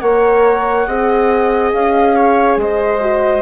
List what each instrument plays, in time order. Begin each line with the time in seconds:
0.00 bassoon A#3, horn A#4, viola C#5, flute F#5
0.87 bassoon C4, horn G#4, viola D#5
1.72 bassoon C#4, flute F5
2.16 viola C#5
2.57 bassoon G#3, viola C5, flute D#5
3.01 horn F#4